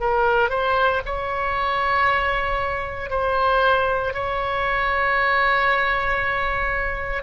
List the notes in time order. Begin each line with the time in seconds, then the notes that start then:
0.00 A#4
0.49 C5
1.05 C#5
3.10 C5
4.13 C#5